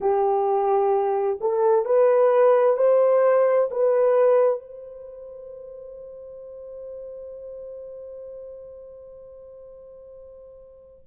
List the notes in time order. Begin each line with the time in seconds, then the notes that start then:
0.00 G4
1.41 A4
1.85 B4
2.77 C5
3.70 B4
4.59 C5